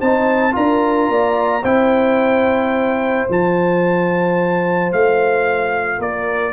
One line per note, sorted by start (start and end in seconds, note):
0.00 0.56 C4
0.00 0.52 D#4
0.00 0.55 C5
0.00 0.55 A5
0.52 1.09 D4
0.52 1.61 F4
0.52 1.11 A#4
0.52 1.64 A#5
1.09 1.64 A#3
1.09 1.63 D5
1.63 3.28 C4
1.63 3.29 E4
1.63 5.99 C5
1.63 3.28 G5
3.29 4.93 F3
3.29 6.53 F4
3.29 4.92 A5
4.92 5.99 A3
4.92 6.01 F5
5.99 6.53 A#3
5.99 6.53 A#4
5.99 6.53 D5